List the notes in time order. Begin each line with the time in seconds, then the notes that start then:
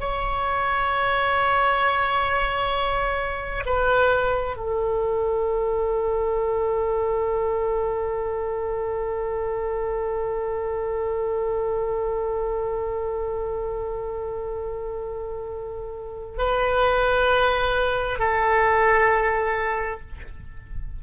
0.00 C#5
3.66 B4
4.56 A4
16.38 B4
18.19 A4